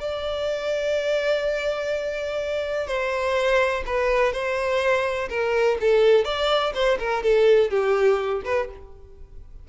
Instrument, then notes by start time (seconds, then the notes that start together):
violin
0.00 D5
2.88 C5
3.86 B4
4.33 C5
5.30 A#4
5.81 A4
6.25 D5
6.75 C5
6.99 A#4
7.23 A4
7.70 G4
8.45 B4